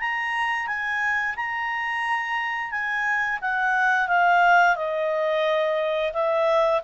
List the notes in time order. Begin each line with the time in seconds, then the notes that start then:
0.00 A#5
0.67 G#5
1.36 A#5
2.71 G#5
3.41 F#5
4.08 F5
4.76 D#5
6.13 E5